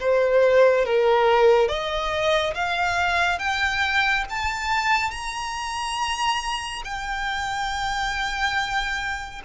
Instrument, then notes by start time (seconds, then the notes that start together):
violin
0.00 C5
0.85 A#4
1.68 D#5
2.54 F5
3.39 G5
4.29 A5
5.11 A#5
6.85 G5